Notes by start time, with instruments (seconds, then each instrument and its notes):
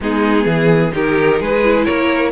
0.00 cello G#3, viola B3, violin D#4 G#4
0.45 cello E3, violin G#4
0.91 cello D#3, viola D#4, violin G4 A#4
1.40 cello G#3, violin G#4 B4
1.64 viola E4
1.84 cello A#3, violin A#4 C#5